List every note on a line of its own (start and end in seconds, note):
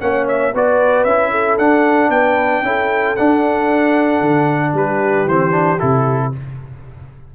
0.00 0.53 A#3
0.00 0.53 C#4
0.00 0.53 C#5
0.00 0.26 F#5
0.28 0.54 E5
0.53 1.04 B3
0.53 1.07 F#4
0.53 1.30 B4
0.53 1.04 D5
1.04 1.57 C#4
1.04 1.59 E4
1.04 1.56 E5
1.30 2.09 A4
1.58 2.09 D4
1.58 2.64 D4
1.58 2.10 F#5
2.09 2.61 B3
2.09 2.64 B4
2.09 3.15 G5
2.62 3.15 C#4
2.62 3.16 E4
2.62 4.73 A4
3.15 5.29 D4
3.15 4.21 D4
3.15 4.73 F#5
4.21 4.73 D3
4.73 5.26 G3
4.73 6.31 G4
4.73 5.28 B4
5.26 5.78 E3
5.26 5.51 C4
5.26 5.79 C5
5.51 5.77 D4
5.79 6.34 C3
5.79 6.32 E4
5.79 6.31 A4